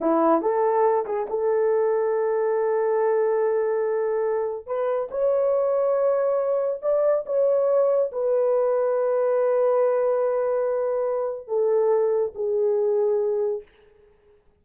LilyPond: \new Staff \with { instrumentName = "horn" } { \time 4/4 \tempo 4 = 141 e'4 a'4. gis'8 a'4~ | a'1~ | a'2. b'4 | cis''1 |
d''4 cis''2 b'4~ | b'1~ | b'2. a'4~ | a'4 gis'2. | }